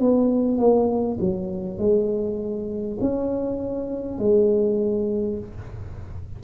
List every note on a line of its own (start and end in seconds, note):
0.00 0.58 B3
0.58 1.18 A#3
1.21 1.78 F#3
1.78 2.98 G#3
3.01 4.19 C#4
4.19 5.39 G#3